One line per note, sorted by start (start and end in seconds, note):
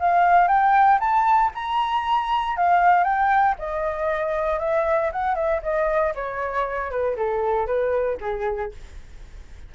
0.00 0.48 F5
0.48 0.99 G5
1.00 1.51 A5
1.55 2.57 A#5
2.57 3.04 F5
3.04 3.55 G5
3.59 4.60 D#5
4.60 5.11 E5
5.13 5.35 F#5
5.35 5.61 E5
5.63 6.14 D#5
6.15 6.91 C#5
6.91 7.17 B4
7.17 7.67 A4
7.67 8.18 B4
8.21 8.72 G#4